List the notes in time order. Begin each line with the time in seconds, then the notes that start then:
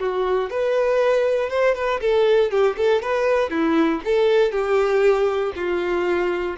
0.00 F#4
0.51 B4
1.50 C5
1.75 B4
2.01 A4
2.51 G4
2.77 A4
3.03 B4
3.51 E4
4.05 A4
4.52 G4
5.56 F4